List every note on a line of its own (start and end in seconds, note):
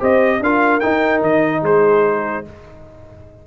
0.00 0.40 C4
0.00 0.41 G4
0.00 0.41 C5
0.00 0.43 D#5
0.40 0.81 D4
0.40 0.82 F4
0.40 1.63 A#4
0.40 0.80 F5
0.80 2.45 D#4
0.80 1.22 D#4
0.80 1.21 G5
1.22 1.62 D#3
1.22 1.64 D#5
1.63 2.44 G#3
1.63 2.45 G#4
1.63 2.47 C5